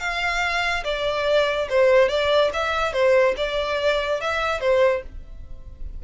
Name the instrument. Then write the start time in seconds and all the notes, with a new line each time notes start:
violin
0.00 F5
0.84 D5
1.70 C5
2.09 D5
2.53 E5
2.93 C5
3.37 D5
4.21 E5
4.61 C5